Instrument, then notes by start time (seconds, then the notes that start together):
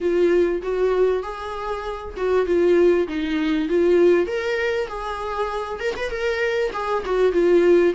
viola
0.01 F4
0.62 F#4
1.22 G#4
2.17 F#4
2.45 F4
3.08 D#4
3.68 F4
4.26 A#4
4.87 G#4
5.79 A#4
5.96 B4
6.09 A#4
6.72 G#4
7.05 F#4
7.32 F4